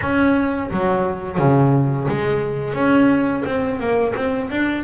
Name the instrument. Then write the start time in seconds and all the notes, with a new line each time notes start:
double bass
0.01 C#4
0.70 F#3
1.38 C#3
2.08 G#3
2.74 C#4
3.45 C4
3.79 A#3
4.15 C4
4.50 D4